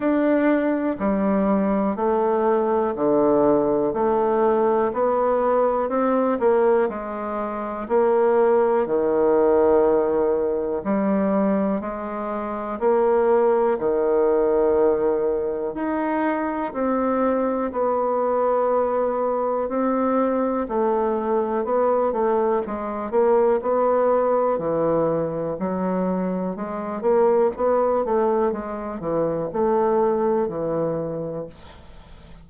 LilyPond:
\new Staff \with { instrumentName = "bassoon" } { \time 4/4 \tempo 4 = 61 d'4 g4 a4 d4 | a4 b4 c'8 ais8 gis4 | ais4 dis2 g4 | gis4 ais4 dis2 |
dis'4 c'4 b2 | c'4 a4 b8 a8 gis8 ais8 | b4 e4 fis4 gis8 ais8 | b8 a8 gis8 e8 a4 e4 | }